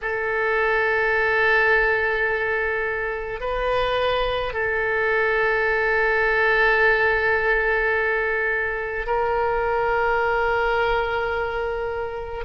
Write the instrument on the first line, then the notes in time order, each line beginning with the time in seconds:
oboe
0.01 A4
3.40 B4
4.53 A4
9.06 A#4